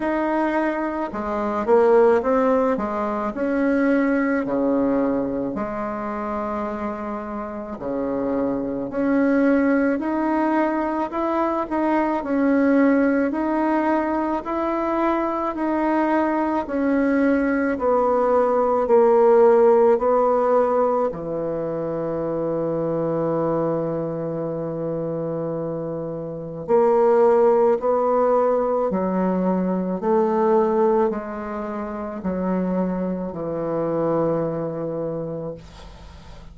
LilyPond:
\new Staff \with { instrumentName = "bassoon" } { \time 4/4 \tempo 4 = 54 dis'4 gis8 ais8 c'8 gis8 cis'4 | cis4 gis2 cis4 | cis'4 dis'4 e'8 dis'8 cis'4 | dis'4 e'4 dis'4 cis'4 |
b4 ais4 b4 e4~ | e1 | ais4 b4 fis4 a4 | gis4 fis4 e2 | }